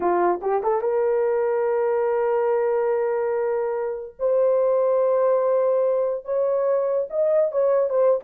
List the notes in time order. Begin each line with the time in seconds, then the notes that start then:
0.00 F4
0.41 G4
0.63 A4
0.81 A#4
4.19 C5
6.24 C#5
7.09 D#5
7.51 C#5
7.89 C5